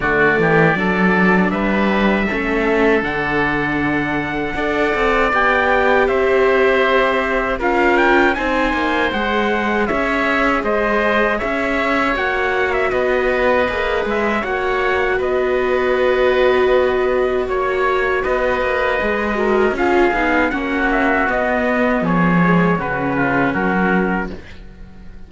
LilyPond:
<<
  \new Staff \with { instrumentName = "trumpet" } { \time 4/4 \tempo 4 = 79 d''2 e''2 | fis''2. g''4 | e''2 f''8 g''8 gis''4 | fis''4 e''4 dis''4 e''4 |
fis''8. e''16 dis''4. e''8 fis''4 | dis''2. cis''4 | dis''2 f''4 fis''8 e''8 | dis''4 cis''4 b'4 ais'4 | }
  \new Staff \with { instrumentName = "oboe" } { \time 4/4 fis'8 g'8 a'4 b'4 a'4~ | a'2 d''2 | c''2 ais'4 c''4~ | c''4 cis''4 c''4 cis''4~ |
cis''4 b'2 cis''4 | b'2. cis''4 | b'4. ais'8 gis'4 fis'4~ | fis'4 gis'4 fis'8 f'8 fis'4 | }
  \new Staff \with { instrumentName = "viola" } { \time 4/4 a4 d'2 cis'4 | d'2 a'4 g'4~ | g'2 f'4 dis'4 | gis'1 |
fis'2 gis'4 fis'4~ | fis'1~ | fis'4 gis'8 fis'8 f'8 dis'8 cis'4 | b4. gis8 cis'2 | }
  \new Staff \with { instrumentName = "cello" } { \time 4/4 d8 e8 fis4 g4 a4 | d2 d'8 c'8 b4 | c'2 cis'4 c'8 ais8 | gis4 cis'4 gis4 cis'4 |
ais4 b4 ais8 gis8 ais4 | b2. ais4 | b8 ais8 gis4 cis'8 b8 ais4 | b4 f4 cis4 fis4 | }
>>